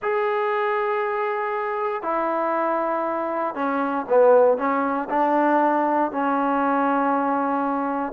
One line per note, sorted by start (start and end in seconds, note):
0.02 2.02 G#4
2.02 3.54 E4
3.54 4.05 C#4
4.09 4.57 B3
4.57 5.08 C#4
5.09 6.11 D4
6.11 8.12 C#4